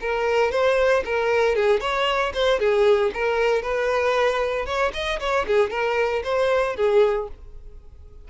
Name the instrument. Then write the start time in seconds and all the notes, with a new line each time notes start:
violin
0.00 A#4
0.51 C5
1.05 A#4
1.55 G#4
1.80 C#5
2.34 C5
2.59 G#4
3.13 A#4
3.62 B4
4.65 C#5
4.93 D#5
5.19 C#5
5.46 G#4
5.70 A#4
6.23 C5
6.76 G#4